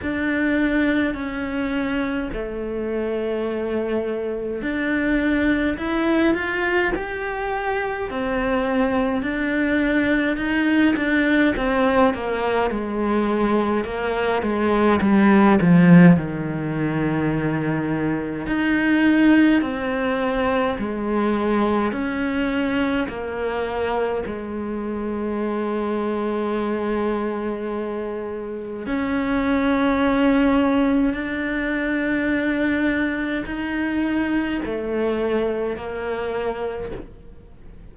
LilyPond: \new Staff \with { instrumentName = "cello" } { \time 4/4 \tempo 4 = 52 d'4 cis'4 a2 | d'4 e'8 f'8 g'4 c'4 | d'4 dis'8 d'8 c'8 ais8 gis4 | ais8 gis8 g8 f8 dis2 |
dis'4 c'4 gis4 cis'4 | ais4 gis2.~ | gis4 cis'2 d'4~ | d'4 dis'4 a4 ais4 | }